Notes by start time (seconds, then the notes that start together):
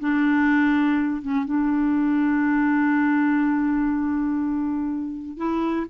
0.00 D4
1.22 C#4
1.45 D4
5.37 E4